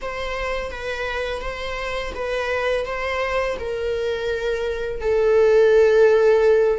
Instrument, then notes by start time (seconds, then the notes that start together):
viola
0.01 C5
0.70 B4
1.41 C5
2.14 B4
2.85 C5
3.59 A#4
5.00 A4